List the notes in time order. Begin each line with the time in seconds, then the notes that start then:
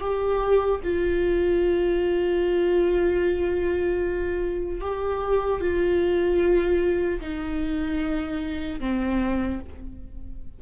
0.00 G4
0.83 F4
4.81 G4
5.60 F4
7.20 D#4
8.80 C4